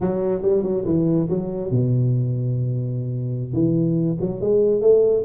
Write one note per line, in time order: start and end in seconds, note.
0.00 0.41 F#3
0.41 0.63 G3
0.63 0.84 F#3
0.85 1.28 E3
1.29 1.70 F#3
1.70 3.53 B2
3.53 4.17 E3
4.20 4.40 F#3
4.40 4.81 G#3
4.81 5.24 A3